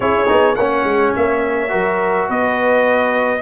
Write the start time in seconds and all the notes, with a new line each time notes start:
0.00 C#4 E4 G#4 C#5
0.27 B3 D#4
0.55 A#3 C#4 C#5 F#5
0.83 G#3
1.16 A#3 E5
1.68 F#3 F#4 A#4
2.28 B3 B4 D#5